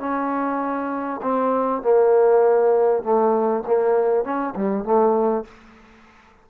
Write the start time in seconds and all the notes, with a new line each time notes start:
0.00 C#4
1.22 C4
1.83 A#3
3.03 A3
3.67 A#3
4.24 C#4
4.56 G3
4.84 A3